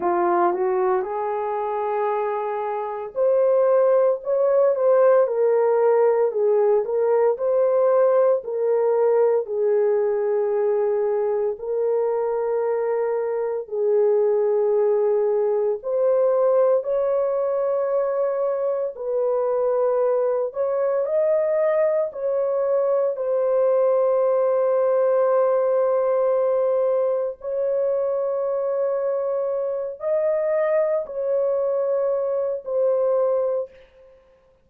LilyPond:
\new Staff \with { instrumentName = "horn" } { \time 4/4 \tempo 4 = 57 f'8 fis'8 gis'2 c''4 | cis''8 c''8 ais'4 gis'8 ais'8 c''4 | ais'4 gis'2 ais'4~ | ais'4 gis'2 c''4 |
cis''2 b'4. cis''8 | dis''4 cis''4 c''2~ | c''2 cis''2~ | cis''8 dis''4 cis''4. c''4 | }